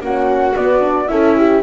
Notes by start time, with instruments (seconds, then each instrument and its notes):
0.00 double bass A#3, horn C#4, viola F#4, flute F#5
0.56 double bass B3, horn B3, flute D5
0.80 horn D4
1.08 double bass C#4, viola E4, horn A4, flute E5
1.37 horn G4